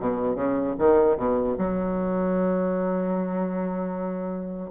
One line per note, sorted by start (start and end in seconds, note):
0.00 0.35 B2
0.35 0.75 C#3
0.79 1.17 D#3
1.17 1.56 B2
1.58 4.71 F#3